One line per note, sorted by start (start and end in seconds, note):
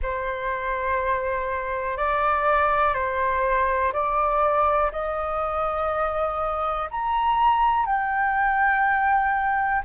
0.02 1.97 C5
1.97 2.93 D5
2.93 3.92 C5
3.93 4.91 D5
4.92 6.89 D#5
6.91 7.86 A#5
7.86 9.82 G5